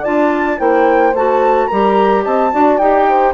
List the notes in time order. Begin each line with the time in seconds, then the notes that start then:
0.00 D4 F4 D5 A5
0.58 A#3 E4 C5 G5
1.13 A3 F#4 A5
1.67 G3 G4 A#4 A#5
2.23 C4 D#5 A5
2.51 D4 F#4 D5
2.78 D#4 G4 G5
3.09 C5